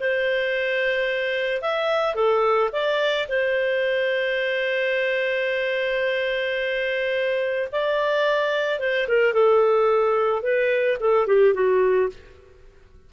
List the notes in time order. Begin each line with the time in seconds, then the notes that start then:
0.00 C5
1.62 E5
2.15 A4
2.73 D5
3.29 C5
7.72 D5
8.80 C5
9.08 A#4
9.34 A4
10.43 B4
11.00 A4
11.27 G4
11.54 F#4